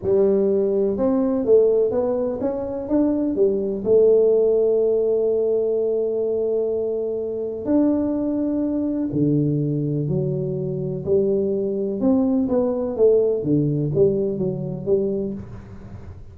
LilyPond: \new Staff \with { instrumentName = "tuba" } { \time 4/4 \tempo 4 = 125 g2 c'4 a4 | b4 cis'4 d'4 g4 | a1~ | a1 |
d'2. d4~ | d4 fis2 g4~ | g4 c'4 b4 a4 | d4 g4 fis4 g4 | }